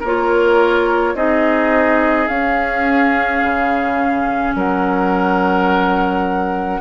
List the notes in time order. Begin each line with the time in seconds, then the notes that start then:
0.00 A#3 F4 A#4 C#5
1.14 C4 D#4 G#4 D#5
2.28 C#4 F5
3.42 C#3
4.55 F#3 A#4 F#5